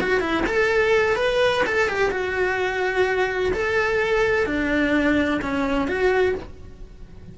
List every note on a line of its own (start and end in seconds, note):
0.00 0.20 F#4
0.20 0.44 E4
0.46 1.16 A4
1.16 1.63 B4
1.66 1.89 A4
1.89 2.10 G4
2.10 3.52 F#4
3.53 4.46 A4
4.46 5.40 D4
5.41 5.87 C#4
5.87 6.35 F#4